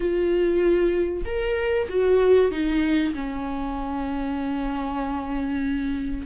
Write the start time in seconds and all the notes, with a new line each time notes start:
0.00 F4
1.25 A#4
1.88 F#4
2.51 D#4
3.14 C#4